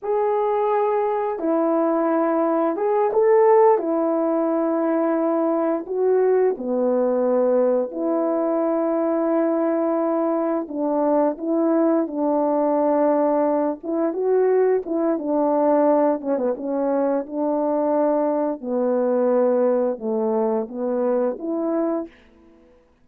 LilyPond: \new Staff \with { instrumentName = "horn" } { \time 4/4 \tempo 4 = 87 gis'2 e'2 | gis'8 a'4 e'2~ e'8~ | e'8 fis'4 b2 e'8~ | e'2.~ e'8 d'8~ |
d'8 e'4 d'2~ d'8 | e'8 fis'4 e'8 d'4. cis'16 b16 | cis'4 d'2 b4~ | b4 a4 b4 e'4 | }